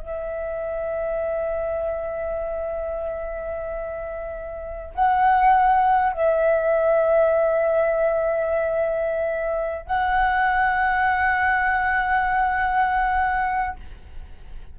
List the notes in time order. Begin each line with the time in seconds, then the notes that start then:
0.00 E5
4.95 F#5
6.13 E5
9.87 F#5